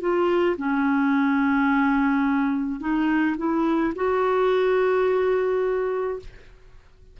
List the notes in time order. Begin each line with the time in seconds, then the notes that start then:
0.00 F4
0.57 C#4
2.80 D#4
3.37 E4
3.95 F#4